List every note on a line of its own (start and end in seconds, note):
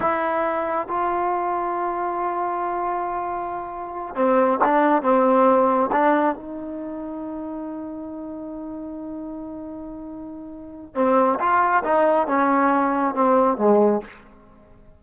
0.00 0.87 E4
0.87 4.15 F4
4.15 4.59 C4
4.64 5.02 D4
5.02 5.90 C4
5.92 6.35 D4
6.35 10.94 D#4
10.94 11.38 C4
11.39 11.83 F4
11.84 12.27 D#4
12.27 13.14 C#4
13.14 13.57 C4
13.57 14.01 G#3